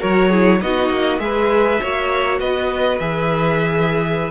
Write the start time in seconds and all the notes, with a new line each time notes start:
0.00 F#3 F#4 A#4 C#5
0.29 E4 G#4
0.61 B3 D#4 F#4 D#5
0.89 A#3
1.19 G#3 G#4 B4 E5
1.81 A#3 F#4 C#5
2.40 B3 B4 D#5
2.98 E3 G#4 E5